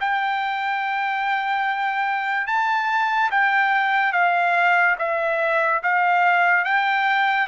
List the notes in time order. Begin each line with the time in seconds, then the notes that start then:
0.00 G5
2.47 A5
3.31 G5
4.12 F5
4.98 E5
5.83 F5
6.65 G5